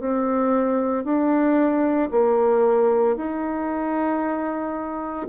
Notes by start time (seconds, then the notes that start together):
0.00 C4
1.05 D4
2.11 A#3
3.17 D#4